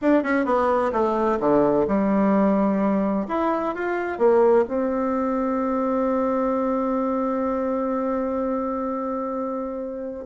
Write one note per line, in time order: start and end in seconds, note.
0.01 0.23 D4
0.23 0.45 C#4
0.45 0.91 B3
0.92 1.38 A3
1.40 1.86 D3
1.87 3.27 G3
3.28 3.74 E4
3.74 4.18 F4
4.18 4.64 A#3
4.67 10.25 C4